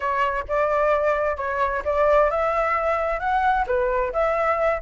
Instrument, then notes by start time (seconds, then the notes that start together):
flute
0.00 C#5
0.48 D5
1.37 C#5
1.84 D5
2.30 E5
3.19 F#5
3.66 B4
4.12 E5